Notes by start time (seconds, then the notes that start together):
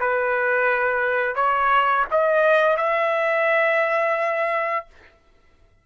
0.00 B4
1.36 C#5
2.11 D#5
2.77 E5